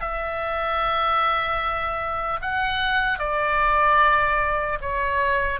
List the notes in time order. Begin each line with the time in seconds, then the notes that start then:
0.00 E5
2.41 F#5
3.18 D5
4.81 C#5